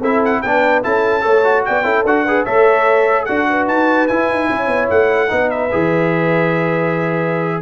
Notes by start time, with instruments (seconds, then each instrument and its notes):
0.00 tuba C4, trombone E4, horn A4, trumpet E5
0.24 trumpet F#5
0.42 tuba B3, trombone D4, horn B4, trumpet G5
0.83 tuba C#4, trombone E4, horn A4, trumpet A5
1.21 tuba A3, trombone A4, horn C#5
1.44 trombone F#4
1.65 tuba B3, horn D5, trumpet G5
1.84 tuba C#4, trombone E4, horn A4
2.04 tuba D4, trombone F#4, trumpet F#5
2.25 trombone G#4, horn B4
2.45 tuba A3, trombone A4, horn C#5, trumpet E5
3.25 tuba D4, trombone F#4, horn A4, trumpet F#5
3.49 horn B4
3.68 tuba D#4, trumpet A5
4.08 trombone E4, tuba E4, trumpet G#5
4.29 tuba D#4
4.50 tuba C#4, horn C#5
4.67 tuba B3
4.90 tuba A3, trumpet F#5
5.29 tuba B3, trombone D#4, horn B4
5.50 trumpet E5
5.72 tuba E3, trombone G#4